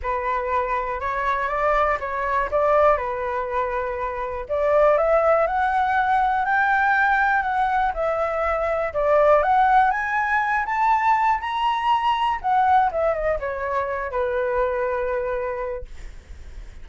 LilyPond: \new Staff \with { instrumentName = "flute" } { \time 4/4 \tempo 4 = 121 b'2 cis''4 d''4 | cis''4 d''4 b'2~ | b'4 d''4 e''4 fis''4~ | fis''4 g''2 fis''4 |
e''2 d''4 fis''4 | gis''4. a''4. ais''4~ | ais''4 fis''4 e''8 dis''8 cis''4~ | cis''8 b'2.~ b'8 | }